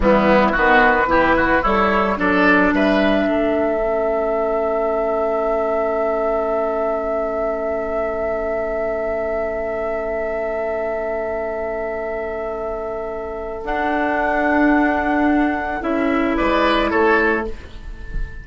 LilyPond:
<<
  \new Staff \with { instrumentName = "flute" } { \time 4/4 \tempo 4 = 110 e'4 b'2 cis''4 | d''4 e''2.~ | e''1~ | e''1~ |
e''1~ | e''1~ | e''4 fis''2.~ | fis''4 e''4 d''4 cis''4 | }
  \new Staff \with { instrumentName = "oboe" } { \time 4/4 b4 fis'4 g'8 fis'8 e'4 | a'4 b'4 a'2~ | a'1~ | a'1~ |
a'1~ | a'1~ | a'1~ | a'2 b'4 a'4 | }
  \new Staff \with { instrumentName = "clarinet" } { \time 4/4 g4 b4 e'4 a'4 | d'2. cis'4~ | cis'1~ | cis'1~ |
cis'1~ | cis'1~ | cis'4 d'2.~ | d'4 e'2. | }
  \new Staff \with { instrumentName = "bassoon" } { \time 4/4 e4 dis4 e4 g4 | fis4 g4 a2~ | a1~ | a1~ |
a1~ | a1~ | a4 d'2.~ | d'4 cis'4 gis4 a4 | }
>>